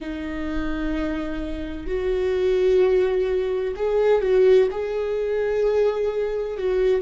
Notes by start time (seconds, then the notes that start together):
0.00 D#4
1.86 F#4
3.75 G#4
4.21 F#4
4.71 G#4
6.57 F#4